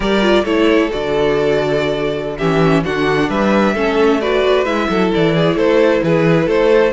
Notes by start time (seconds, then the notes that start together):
0.00 G3 G4 A#4 D5
0.21 F4
0.43 A3 E4 A4 C#5
0.89 D3 F#4 D5
2.37 E3 C#4 G4 E5
2.84 D3 D4 F#4 F#5
3.29 G3 B4 E5
3.74 A3 C#4 A4
4.20 F#4 B4 D5
4.64 G#3 E4 E5
4.89 F#3 A4
5.14 E3 D5
5.35 G#4
5.55 A3 A4 C5
6.03 E3 G#4 B4
6.46 A3 A4 C5